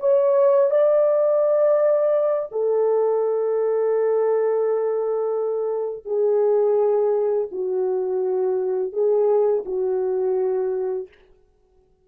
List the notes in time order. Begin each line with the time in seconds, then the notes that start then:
0.00 C#5
0.71 D5
2.52 A4
6.06 G#4
7.52 F#4
8.93 G#4
9.66 F#4